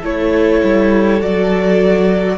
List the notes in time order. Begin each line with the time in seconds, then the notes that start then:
0.00 A3 E4 A4 C#5
0.64 G3
1.22 F#3 F#4 D5